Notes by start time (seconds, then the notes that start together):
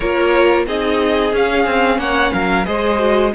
0.00 A#3 F4 A#4 C#5
0.66 C4 D#4 G#4 D#5
1.32 C#4 F5
1.66 C4
1.98 A#3 C#5 F#5
2.32 F#3 A#4 F5
2.64 G#3 G#4 C5 D#5
2.98 F#4